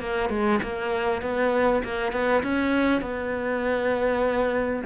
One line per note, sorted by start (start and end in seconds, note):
0.00 0.29 A#3
0.29 0.60 G#3
0.63 1.22 A#3
1.22 1.82 B3
1.83 2.12 A#3
2.12 2.42 B3
2.43 3.01 C#4
3.01 4.83 B3